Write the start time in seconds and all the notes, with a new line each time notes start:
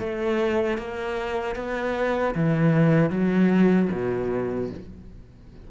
0.00 A3
0.79 A#3
1.56 B3
2.35 E3
3.10 F#3
3.92 B2